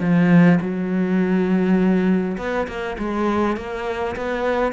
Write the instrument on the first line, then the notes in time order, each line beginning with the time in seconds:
cello
0.00 F3
0.61 F#3
2.38 B3
2.68 A#3
2.98 G#3
3.57 A#3
4.16 B3